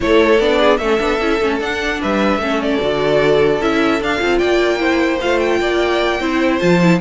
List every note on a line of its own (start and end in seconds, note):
0.00 0.39 A3
0.00 0.39 E4
0.00 0.59 A4
0.00 0.40 C#5
0.39 0.79 B3
0.39 0.80 D4
0.39 0.77 D5
0.59 0.79 G#4
0.77 0.99 A3
0.77 0.99 C#4
0.77 1.99 A4
0.77 1.57 E5
0.99 1.20 B3
0.99 1.19 D4
1.20 1.40 C#4
1.20 1.41 E4
1.41 1.60 A3
1.41 1.60 C#4
1.60 2.00 D4
1.60 2.40 D4
1.60 2.01 F#5
2.01 2.37 G3
2.01 2.40 B4
2.01 2.62 E5
2.37 2.77 A3
2.37 2.80 C#4
2.37 4.38 A4
2.62 3.61 D5
2.80 3.61 D3
2.80 3.60 F#4
3.61 4.00 C#4
3.61 4.01 E4
3.61 4.01 E5
4.00 4.20 D4
4.00 4.19 D4
4.00 4.38 F5
4.19 4.41 C4
4.19 4.78 F4
4.38 5.22 A#3
4.38 4.78 D5
4.38 5.18 G5
4.78 5.18 E4
4.78 5.60 C5
5.21 5.60 A3
5.21 6.20 F4
5.21 5.39 F5
5.39 6.59 G5
5.60 6.20 A#3
5.60 6.20 D5
6.20 6.60 C4
6.20 6.59 E4
6.20 7.00 C5
6.59 7.00 F3
6.59 6.79 F4
6.59 6.99 A5
6.80 7.00 E4